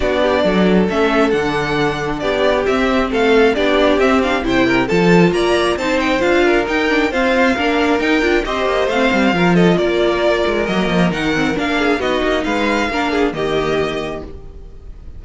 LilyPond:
<<
  \new Staff \with { instrumentName = "violin" } { \time 4/4 \tempo 4 = 135 d''2 e''4 fis''4~ | fis''4 d''4 e''4 f''4 | d''4 e''8 f''8 g''4 a''4 | ais''4 a''8 g''8 f''4 g''4 |
f''2 g''4 dis''4 | f''4. dis''8 d''2 | dis''4 fis''4 f''4 dis''4 | f''2 dis''2 | }
  \new Staff \with { instrumentName = "violin" } { \time 4/4 fis'8 g'8 a'2.~ | a'4 g'2 a'4 | g'2 c''8 ais'8 a'4 | d''4 c''4. ais'4. |
c''4 ais'2 c''4~ | c''4 ais'8 a'8 ais'2~ | ais'2~ ais'8 gis'8 fis'4 | b'4 ais'8 gis'8 g'2 | }
  \new Staff \with { instrumentName = "viola" } { \time 4/4 d'2 cis'4 d'4~ | d'2 c'2 | d'4 c'8 d'8 e'4 f'4~ | f'4 dis'4 f'4 dis'8 d'8 |
c'4 d'4 dis'8 f'8 g'4 | c'4 f'2. | ais4 dis'8 c'8 d'4 dis'4~ | dis'4 d'4 ais2 | }
  \new Staff \with { instrumentName = "cello" } { \time 4/4 b4 fis4 a4 d4~ | d4 b4 c'4 a4 | b4 c'4 c4 f4 | ais4 c'4 d'4 dis'4 |
f'4 ais4 dis'8 d'8 c'8 ais8 | a8 g8 f4 ais4. gis8 | fis8 f8 dis4 ais4 b8 ais8 | gis4 ais4 dis2 | }
>>